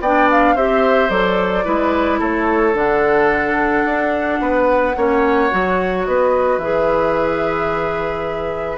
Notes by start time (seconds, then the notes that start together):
0.00 B3 D4 D5 G5
0.30 F5
0.55 C4 G4 C5 E5
1.09 F#3 A4 D5
1.64 G#3 E4 B4
2.19 A3 A4 C#5
2.73 D3 D4 F#5
3.84 D4
4.40 B3 B4
4.96 A#3 C#4 C#5
5.51 F#3 F#4
6.04 B3 B4 D#5
6.58 E3 G#4 E5